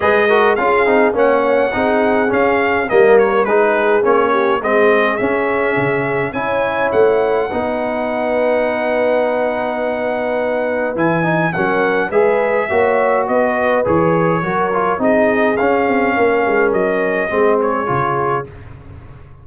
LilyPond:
<<
  \new Staff \with { instrumentName = "trumpet" } { \time 4/4 \tempo 4 = 104 dis''4 f''4 fis''2 | f''4 dis''8 cis''8 b'4 cis''4 | dis''4 e''2 gis''4 | fis''1~ |
fis''2. gis''4 | fis''4 e''2 dis''4 | cis''2 dis''4 f''4~ | f''4 dis''4. cis''4. | }
  \new Staff \with { instrumentName = "horn" } { \time 4/4 b'8 ais'8 gis'4 cis''4 gis'4~ | gis'4 ais'4 gis'4. g'8 | gis'2. cis''4~ | cis''4 b'2.~ |
b'1 | ais'4 b'4 cis''4 b'4~ | b'4 ais'4 gis'2 | ais'2 gis'2 | }
  \new Staff \with { instrumentName = "trombone" } { \time 4/4 gis'8 fis'8 f'8 dis'8 cis'4 dis'4 | cis'4 ais4 dis'4 cis'4 | c'4 cis'2 e'4~ | e'4 dis'2.~ |
dis'2. e'8 dis'8 | cis'4 gis'4 fis'2 | gis'4 fis'8 f'8 dis'4 cis'4~ | cis'2 c'4 f'4 | }
  \new Staff \with { instrumentName = "tuba" } { \time 4/4 gis4 cis'8 c'8 ais4 c'4 | cis'4 g4 gis4 ais4 | gis4 cis'4 cis4 cis'4 | a4 b2.~ |
b2. e4 | fis4 gis4 ais4 b4 | e4 fis4 c'4 cis'8 c'8 | ais8 gis8 fis4 gis4 cis4 | }
>>